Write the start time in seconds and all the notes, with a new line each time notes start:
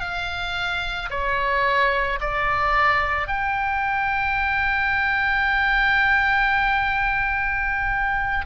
0.00 F5
1.10 C#5
2.20 D5
3.27 G5